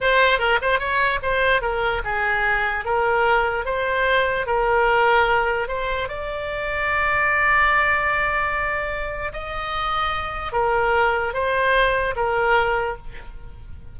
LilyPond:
\new Staff \with { instrumentName = "oboe" } { \time 4/4 \tempo 4 = 148 c''4 ais'8 c''8 cis''4 c''4 | ais'4 gis'2 ais'4~ | ais'4 c''2 ais'4~ | ais'2 c''4 d''4~ |
d''1~ | d''2. dis''4~ | dis''2 ais'2 | c''2 ais'2 | }